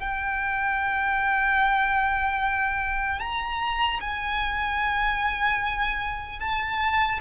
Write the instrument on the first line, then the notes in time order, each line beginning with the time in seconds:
violin
0.00 G5
3.20 A#5
4.01 G#5
6.40 A5